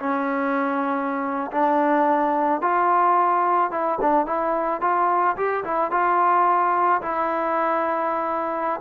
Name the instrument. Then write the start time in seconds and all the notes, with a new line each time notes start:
trombone
0.00 C#4
1.52 D4
2.62 F4
3.72 E4
4.02 D4
4.27 E4
4.81 F4
5.37 G4
5.64 E4
5.92 F4
7.02 E4